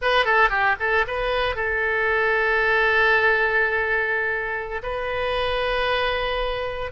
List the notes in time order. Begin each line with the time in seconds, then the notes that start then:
0.01 B4
0.25 A4
0.49 G4
0.79 A4
1.07 B4
1.55 A4
4.82 B4